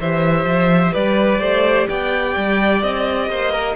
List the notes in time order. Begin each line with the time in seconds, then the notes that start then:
0.00 E3 G4 C5 E5
0.46 F3
0.93 G3 B4 D5
1.40 A3 C5
1.89 B3 D5 G5
2.37 G3
2.83 C4 D#5
3.30 A#3 C5
3.52 A#4